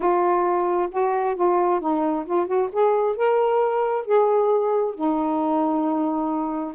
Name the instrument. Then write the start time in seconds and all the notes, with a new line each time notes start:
saxophone
0.00 F4
0.91 F#4
1.35 F4
1.80 D#4
2.25 F4
2.46 F#4
2.72 G#4
3.16 A#4
4.05 G#4
4.95 D#4